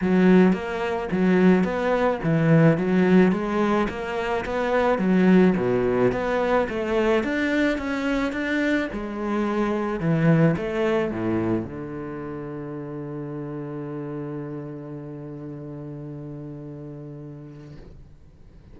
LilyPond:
\new Staff \with { instrumentName = "cello" } { \time 4/4 \tempo 4 = 108 fis4 ais4 fis4 b4 | e4 fis4 gis4 ais4 | b4 fis4 b,4 b4 | a4 d'4 cis'4 d'4 |
gis2 e4 a4 | a,4 d2.~ | d1~ | d1 | }